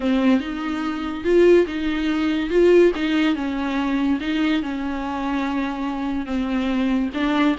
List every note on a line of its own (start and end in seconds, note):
0.00 0.40 C4
0.40 1.24 D#4
1.24 1.66 F4
1.66 2.49 D#4
2.49 2.91 F4
2.95 3.35 D#4
3.35 4.19 C#4
4.20 4.62 D#4
4.62 6.25 C#4
6.25 7.09 C4
7.13 7.55 D4